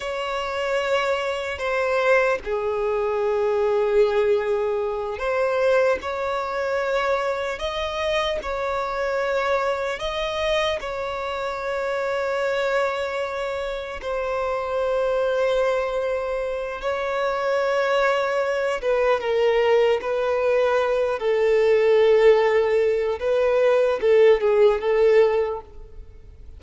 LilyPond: \new Staff \with { instrumentName = "violin" } { \time 4/4 \tempo 4 = 75 cis''2 c''4 gis'4~ | gis'2~ gis'8 c''4 cis''8~ | cis''4. dis''4 cis''4.~ | cis''8 dis''4 cis''2~ cis''8~ |
cis''4. c''2~ c''8~ | c''4 cis''2~ cis''8 b'8 | ais'4 b'4. a'4.~ | a'4 b'4 a'8 gis'8 a'4 | }